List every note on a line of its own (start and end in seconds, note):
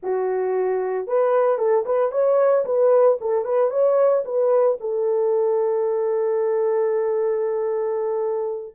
0.03 1.07 F#4
1.07 1.58 B4
1.58 1.84 A4
1.85 2.11 B4
2.11 2.64 C#5
2.65 3.18 B4
3.21 3.44 A4
3.44 3.70 B4
3.70 4.23 C#5
4.24 4.77 B4
4.80 8.74 A4